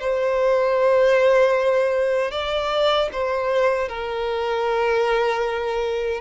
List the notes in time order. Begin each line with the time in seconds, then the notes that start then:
0.00 C5
2.31 D5
3.12 C5
3.89 A#4